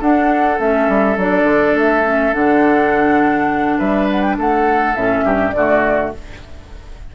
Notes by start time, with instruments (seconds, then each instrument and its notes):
0.00 bassoon D4, clarinet D4, oboe A4, flute F#5
0.59 bassoon A3, clarinet C#4, flute E5
0.88 bassoon G3
1.17 bassoon F#3, clarinet D4, flute D5
1.43 bassoon D3
1.75 bassoon A3, flute E5
2.05 clarinet C#4
2.33 bassoon D3, clarinet D4, flute F#5
3.78 bassoon G3, oboe B4, flute E5
4.11 flute F#5
4.22 flute G5
4.38 bassoon A3, oboe A4, flute F#5
4.95 bassoon A2, clarinet C#4, flute E5
5.24 bassoon G2, oboe G4
5.51 bassoon D3, clarinet A3, oboe F#4, flute D5